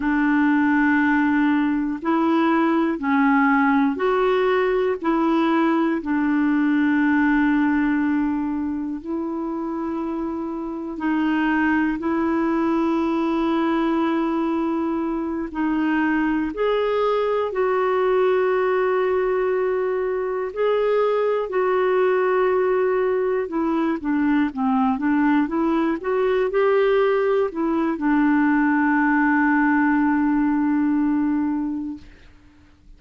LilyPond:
\new Staff \with { instrumentName = "clarinet" } { \time 4/4 \tempo 4 = 60 d'2 e'4 cis'4 | fis'4 e'4 d'2~ | d'4 e'2 dis'4 | e'2.~ e'8 dis'8~ |
dis'8 gis'4 fis'2~ fis'8~ | fis'8 gis'4 fis'2 e'8 | d'8 c'8 d'8 e'8 fis'8 g'4 e'8 | d'1 | }